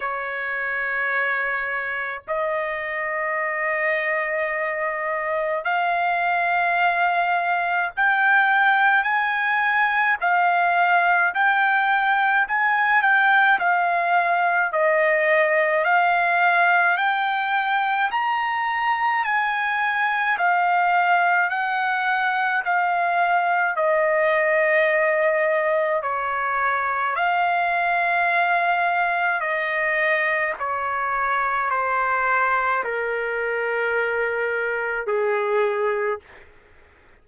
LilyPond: \new Staff \with { instrumentName = "trumpet" } { \time 4/4 \tempo 4 = 53 cis''2 dis''2~ | dis''4 f''2 g''4 | gis''4 f''4 g''4 gis''8 g''8 | f''4 dis''4 f''4 g''4 |
ais''4 gis''4 f''4 fis''4 | f''4 dis''2 cis''4 | f''2 dis''4 cis''4 | c''4 ais'2 gis'4 | }